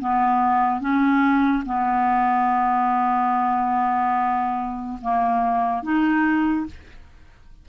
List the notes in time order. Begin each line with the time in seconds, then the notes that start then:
0.00 B3
0.80 C#4
1.66 B3
5.02 A#3
5.83 D#4